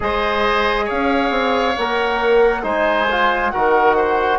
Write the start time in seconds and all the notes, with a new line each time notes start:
0.00 G#3 G#4 C5 D#5
0.85 C#4 C#5 F5
1.30 C4
1.76 A#3 A#4 F#5
2.62 G#3 D#4 C5 G#5
3.10 F4
3.50 D#3 F#4 A#4 F#5
3.96 C5